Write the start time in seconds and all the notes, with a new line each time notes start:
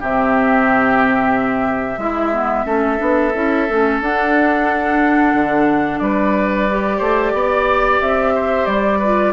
0.00 C3 C4 G4 E5
1.98 G#3 E4
2.32 B3
2.65 A3 C#4 A4
2.98 B3 D4
3.34 C#4 E4
3.69 A3 C#4
4.01 D4 F#5
5.34 D3
5.99 G3 B4 D5
6.70 G4
6.98 A3 C5
7.33 B3 D5
8.01 C4 E5
8.35 C5
8.66 G3 D5
8.99 F4 B4